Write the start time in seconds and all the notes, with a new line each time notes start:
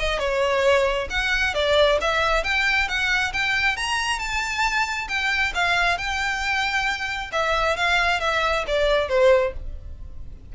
0.00 D#5
0.20 C#5
1.11 F#5
1.55 D5
2.01 E5
2.44 G5
2.89 F#5
3.34 G5
3.77 A#5
4.20 A5
5.09 G5
5.55 F5
5.98 G5
7.33 E5
7.77 F5
8.21 E5
8.67 D5
9.09 C5